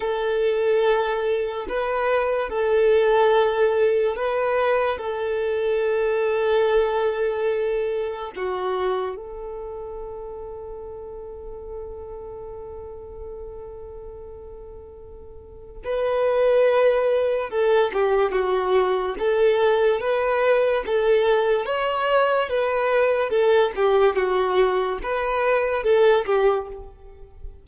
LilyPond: \new Staff \with { instrumentName = "violin" } { \time 4/4 \tempo 4 = 72 a'2 b'4 a'4~ | a'4 b'4 a'2~ | a'2 fis'4 a'4~ | a'1~ |
a'2. b'4~ | b'4 a'8 g'8 fis'4 a'4 | b'4 a'4 cis''4 b'4 | a'8 g'8 fis'4 b'4 a'8 g'8 | }